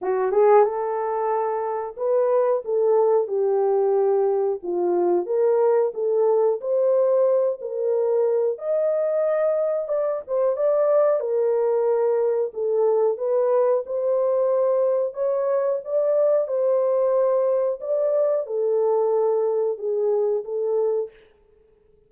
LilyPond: \new Staff \with { instrumentName = "horn" } { \time 4/4 \tempo 4 = 91 fis'8 gis'8 a'2 b'4 | a'4 g'2 f'4 | ais'4 a'4 c''4. ais'8~ | ais'4 dis''2 d''8 c''8 |
d''4 ais'2 a'4 | b'4 c''2 cis''4 | d''4 c''2 d''4 | a'2 gis'4 a'4 | }